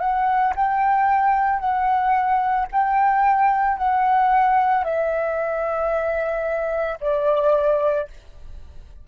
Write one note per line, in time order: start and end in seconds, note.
0.00 0.54 F#5
0.56 1.60 G5
1.60 2.67 F#5
2.72 3.77 G5
3.77 4.84 F#5
4.84 6.98 E5
7.01 8.08 D5